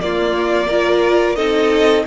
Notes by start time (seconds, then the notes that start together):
0.00 A#3 F4 D5
0.67 F4 A#4
1.35 C4 D#4 A4 D#5